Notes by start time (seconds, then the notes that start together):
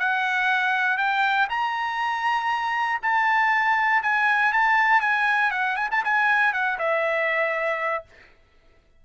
0.00 F#5
0.98 G5
1.50 A#5
3.03 A5
4.03 G#5
4.53 A5
5.01 G#5
5.52 F#5
5.77 G#5
5.92 A5
6.05 G#5
6.53 F#5
6.79 E5